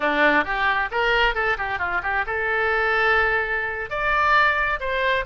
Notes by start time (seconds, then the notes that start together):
0.00 D4
0.44 G4
0.91 A#4
1.35 A4
1.57 G4
1.78 F4
2.03 G4
2.26 A4
3.90 D5
4.80 C5